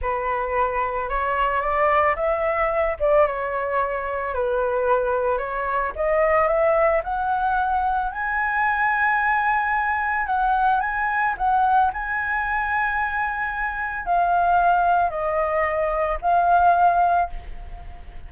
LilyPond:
\new Staff \with { instrumentName = "flute" } { \time 4/4 \tempo 4 = 111 b'2 cis''4 d''4 | e''4. d''8 cis''2 | b'2 cis''4 dis''4 | e''4 fis''2 gis''4~ |
gis''2. fis''4 | gis''4 fis''4 gis''2~ | gis''2 f''2 | dis''2 f''2 | }